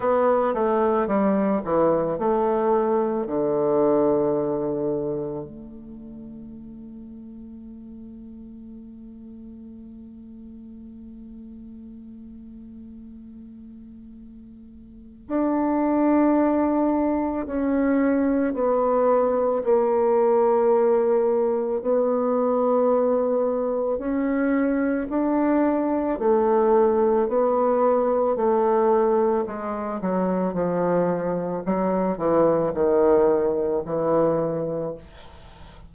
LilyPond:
\new Staff \with { instrumentName = "bassoon" } { \time 4/4 \tempo 4 = 55 b8 a8 g8 e8 a4 d4~ | d4 a2.~ | a1~ | a2 d'2 |
cis'4 b4 ais2 | b2 cis'4 d'4 | a4 b4 a4 gis8 fis8 | f4 fis8 e8 dis4 e4 | }